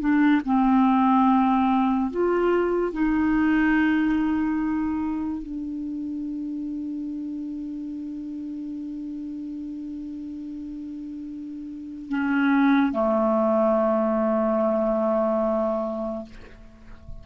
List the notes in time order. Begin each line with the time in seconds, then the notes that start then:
0.00 D4
0.45 C4
2.11 F4
2.93 D#4
5.43 D4
12.09 C#4
12.93 A3